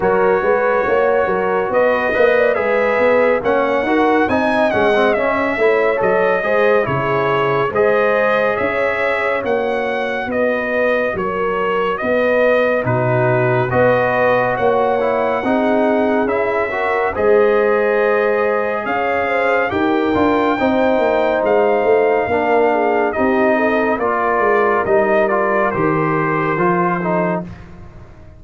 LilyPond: <<
  \new Staff \with { instrumentName = "trumpet" } { \time 4/4 \tempo 4 = 70 cis''2 dis''4 e''4 | fis''4 gis''8 fis''8 e''4 dis''4 | cis''4 dis''4 e''4 fis''4 | dis''4 cis''4 dis''4 b'4 |
dis''4 fis''2 e''4 | dis''2 f''4 g''4~ | g''4 f''2 dis''4 | d''4 dis''8 d''8 c''2 | }
  \new Staff \with { instrumentName = "horn" } { \time 4/4 ais'8 b'8 cis''8 ais'8 b'8 dis''16 d''16 b'4 | cis''8 ais'8 dis''4. cis''4 c''8 | gis'4 c''4 cis''2 | b'4 ais'4 b'4 fis'4 |
b'4 cis''4 gis'4. ais'8 | c''2 cis''8 c''8 ais'4 | c''2 ais'8 gis'8 g'8 a'8 | ais'2.~ ais'8 a'8 | }
  \new Staff \with { instrumentName = "trombone" } { \time 4/4 fis'2~ fis'8 b'8 gis'4 | cis'8 fis'8 dis'8 cis'16 c'16 cis'8 e'8 a'8 gis'8 | e'4 gis'2 fis'4~ | fis'2. dis'4 |
fis'4. e'8 dis'4 e'8 fis'8 | gis'2. g'8 f'8 | dis'2 d'4 dis'4 | f'4 dis'8 f'8 g'4 f'8 dis'8 | }
  \new Staff \with { instrumentName = "tuba" } { \time 4/4 fis8 gis8 ais8 fis8 b8 ais8 gis8 b8 | ais8 dis'8 c'8 gis8 cis'8 a8 fis8 gis8 | cis4 gis4 cis'4 ais4 | b4 fis4 b4 b,4 |
b4 ais4 c'4 cis'4 | gis2 cis'4 dis'8 d'8 | c'8 ais8 gis8 a8 ais4 c'4 | ais8 gis8 g4 dis4 f4 | }
>>